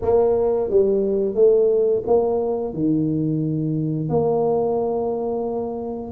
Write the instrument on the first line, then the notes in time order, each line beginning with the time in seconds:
tuba
0.01 A#3
0.70 G3
1.34 A3
2.06 A#3
2.73 D#3
4.09 A#3